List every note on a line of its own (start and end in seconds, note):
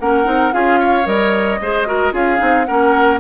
0.00 0.26 A#3
0.00 0.25 C#4
0.00 0.55 A#4
0.00 0.54 F#5
0.25 0.53 C4
0.25 0.52 D#4
0.53 1.07 C#4
0.53 1.05 F4
0.53 0.80 G#4
0.53 1.07 F5
0.80 1.60 C#5
1.05 1.60 G3
1.05 1.59 A#4
1.05 2.14 D#5
1.61 2.13 G#3
1.61 1.87 G#4
1.61 1.88 C5
1.87 2.12 F#4
1.87 2.14 A#4
2.12 2.40 C#4
2.12 2.38 F4
2.12 2.67 G#4
2.12 2.66 F5
2.38 2.68 C4
2.38 2.65 D#4
2.66 3.21 A#3
2.66 3.21 C#4
2.66 3.21 A#4
2.66 3.19 F#5